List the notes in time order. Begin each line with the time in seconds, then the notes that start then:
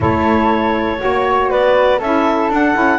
0.00 A3 E4 A4 C#5
0.98 A#3 F#4 C#5
1.49 B3 B4 D5
1.98 C#4 E4 A4 E5
2.49 D4 F#5
2.74 C#4 E4